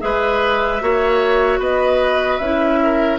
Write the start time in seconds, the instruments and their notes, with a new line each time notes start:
0.00 bassoon G#3, clarinet G#4, oboe B4, flute E5
0.81 bassoon A#3, clarinet F#4, oboe C#5
1.59 bassoon B3, oboe B4, flute D#5
2.38 bassoon C#4, clarinet E4, flute E5
2.83 oboe A#4